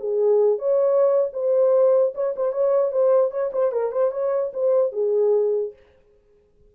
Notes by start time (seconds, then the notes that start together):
0.00 G#4
0.59 C#5
1.33 C5
2.15 C#5
2.36 C5
2.52 C#5
2.92 C5
3.31 C#5
3.53 C5
3.72 A#4
3.92 C5
4.11 C#5
4.53 C5
4.92 G#4